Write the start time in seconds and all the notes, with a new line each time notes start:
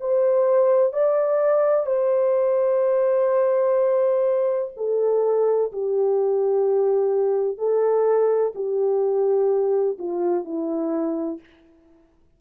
0.00 C5
0.93 D5
1.86 C5
4.77 A4
5.72 G4
7.58 A4
8.55 G4
9.98 F4
10.44 E4